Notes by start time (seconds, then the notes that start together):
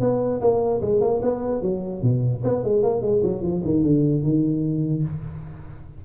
0.00 B3
0.41 A#3
0.81 G#3
1.01 A#3
1.22 B3
1.62 F#3
2.02 B2
2.43 B3
2.64 G#3
2.83 A#3
3.02 G#3
3.23 F#3
3.42 F3
3.64 D#3
3.83 D3
4.23 D#3